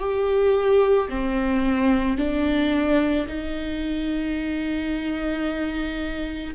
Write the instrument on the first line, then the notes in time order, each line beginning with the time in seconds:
viola
0.00 G4
1.10 C4
2.18 D4
3.28 D#4